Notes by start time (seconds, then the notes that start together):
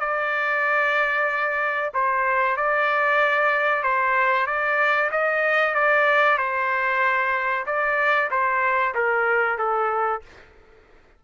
0.00 D5
1.94 C5
2.57 D5
3.83 C5
4.47 D5
5.12 D#5
5.75 D5
6.38 C5
7.66 D5
8.31 C5
8.95 A#4
9.58 A4